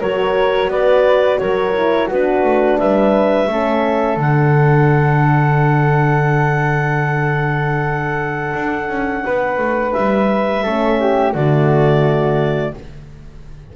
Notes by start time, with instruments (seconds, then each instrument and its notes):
0.00 double bass F#3, horn F#4, flute A#4, clarinet C#5
0.68 double bass B3, flute B4, clarinet D5
1.39 double bass F#3, flute A#4, clarinet C#5
1.76 horn E4
2.07 double bass B3, horn D4, flute F#4, clarinet B4
2.43 double bass A3
2.78 double bass G3, flute B4, clarinet E5
3.47 double bass A3, horn C#4, flute A4
4.17 double bass D3, horn D4, clarinet F#5
8.54 double bass D4
8.89 double bass C#4
9.25 double bass B3, flute B4
9.58 double bass A3
9.93 double bass G3, clarinet E5
10.63 double bass A3, horn C#4, flute A4
11.00 flute G4
11.33 double bass D3, horn A3, flute F#4, clarinet D5